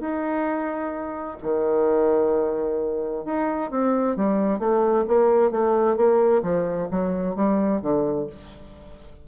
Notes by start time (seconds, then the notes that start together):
0.00 D#4
1.42 D#3
3.25 D#4
3.70 C4
4.16 G3
4.59 A3
5.07 A#3
5.51 A3
5.96 A#3
6.42 F3
6.90 F#3
7.35 G3
7.81 D3